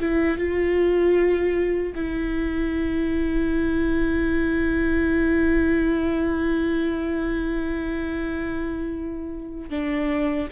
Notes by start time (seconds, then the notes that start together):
0.00 E4
0.38 F4
1.95 E4
9.70 D4